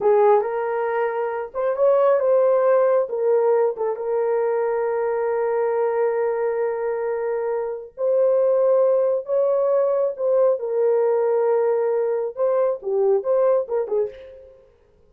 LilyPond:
\new Staff \with { instrumentName = "horn" } { \time 4/4 \tempo 4 = 136 gis'4 ais'2~ ais'8 c''8 | cis''4 c''2 ais'4~ | ais'8 a'8 ais'2.~ | ais'1~ |
ais'2 c''2~ | c''4 cis''2 c''4 | ais'1 | c''4 g'4 c''4 ais'8 gis'8 | }